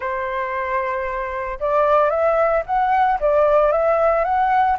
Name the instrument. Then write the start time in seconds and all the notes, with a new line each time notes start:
flute
0.00 C5
1.59 D5
2.09 E5
2.65 F#5
3.20 D5
3.72 E5
4.24 F#5